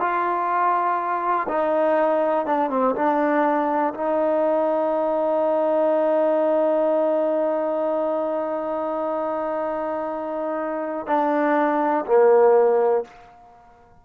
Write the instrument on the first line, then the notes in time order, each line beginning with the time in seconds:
trombone
0.00 F4
1.48 D#4
2.46 D4
2.70 C4
2.96 D4
3.94 D#4
11.07 D4
12.06 A#3